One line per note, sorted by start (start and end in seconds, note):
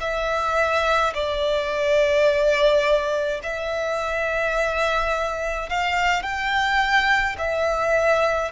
0.00 1.13 E5
1.14 3.41 D5
3.43 5.69 E5
5.69 6.22 F5
6.22 7.35 G5
7.38 8.51 E5